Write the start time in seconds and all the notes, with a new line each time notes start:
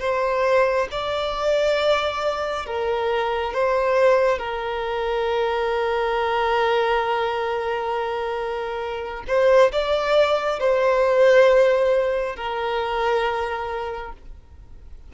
0.00 C5
0.91 D5
2.66 A#4
3.54 C5
4.39 A#4
9.28 C5
9.72 D5
10.60 C5
12.36 A#4